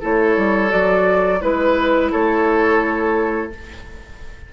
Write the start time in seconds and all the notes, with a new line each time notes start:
0.00 A3 E4 A4 C#5
0.37 G3
0.69 F#3 F#4 D5
1.41 G#3 E4 B4
2.11 A3 A4 C#5